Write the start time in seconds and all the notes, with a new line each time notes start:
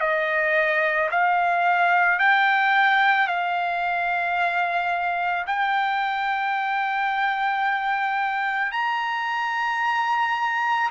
0.00 D#5
1.11 F5
2.19 G5
3.27 F5
5.46 G5
8.72 A#5